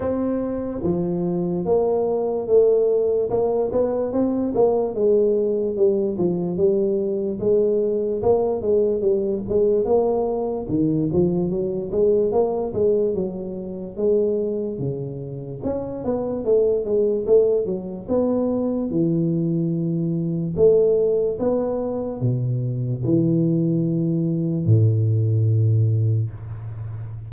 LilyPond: \new Staff \with { instrumentName = "tuba" } { \time 4/4 \tempo 4 = 73 c'4 f4 ais4 a4 | ais8 b8 c'8 ais8 gis4 g8 f8 | g4 gis4 ais8 gis8 g8 gis8 | ais4 dis8 f8 fis8 gis8 ais8 gis8 |
fis4 gis4 cis4 cis'8 b8 | a8 gis8 a8 fis8 b4 e4~ | e4 a4 b4 b,4 | e2 a,2 | }